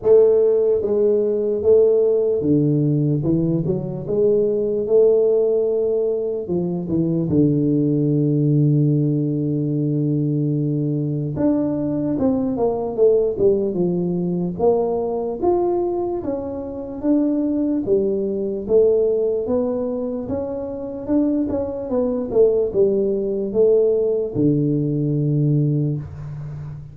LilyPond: \new Staff \with { instrumentName = "tuba" } { \time 4/4 \tempo 4 = 74 a4 gis4 a4 d4 | e8 fis8 gis4 a2 | f8 e8 d2.~ | d2 d'4 c'8 ais8 |
a8 g8 f4 ais4 f'4 | cis'4 d'4 g4 a4 | b4 cis'4 d'8 cis'8 b8 a8 | g4 a4 d2 | }